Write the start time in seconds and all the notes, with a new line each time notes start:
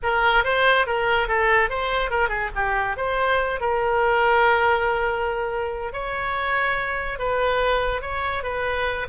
0.02 A#4
0.44 C5
0.86 A#4
1.28 A4
1.69 C5
2.10 A#4
2.28 G#4
2.55 G4
2.97 C5
3.60 A#4
5.92 C#5
7.18 B4
8.01 C#5
8.43 B4